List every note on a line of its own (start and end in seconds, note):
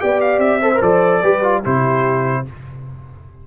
0.00 0.39 B3
0.00 0.61 G4
0.00 0.62 D5
0.00 0.21 G5
0.21 0.40 F5
0.39 0.79 C4
0.39 0.81 E5
0.62 0.72 A4
0.62 1.22 C5
0.75 0.83 A#4
0.82 1.23 F3
0.82 1.24 A4
0.82 1.64 D5
1.22 1.64 G3
1.22 1.43 G4
1.22 1.63 B4
1.43 1.63 F4
1.63 2.48 C3
1.63 2.45 E4
1.63 2.45 G4
1.63 2.47 C5